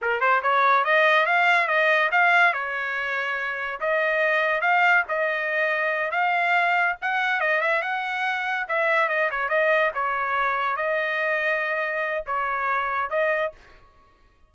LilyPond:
\new Staff \with { instrumentName = "trumpet" } { \time 4/4 \tempo 4 = 142 ais'8 c''8 cis''4 dis''4 f''4 | dis''4 f''4 cis''2~ | cis''4 dis''2 f''4 | dis''2~ dis''8 f''4.~ |
f''8 fis''4 dis''8 e''8 fis''4.~ | fis''8 e''4 dis''8 cis''8 dis''4 cis''8~ | cis''4. dis''2~ dis''8~ | dis''4 cis''2 dis''4 | }